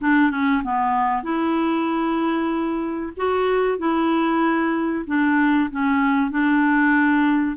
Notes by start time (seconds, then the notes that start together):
0.01 D4
0.30 C#4
0.63 B3
1.23 E4
3.17 F#4
3.78 E4
5.06 D4
5.70 C#4
6.30 D4